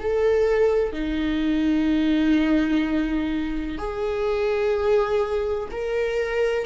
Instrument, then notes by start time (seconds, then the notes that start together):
viola
0.00 A4
0.93 D#4
3.79 G#4
5.71 A#4